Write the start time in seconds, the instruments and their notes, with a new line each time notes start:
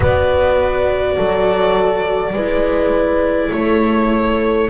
0.00 double bass B3, viola F#4, horn B4, violin D5
1.15 double bass F#3, horn A4
2.32 double bass G#3, viola E4, horn B4
3.52 double bass A3, horn A4, violin C#5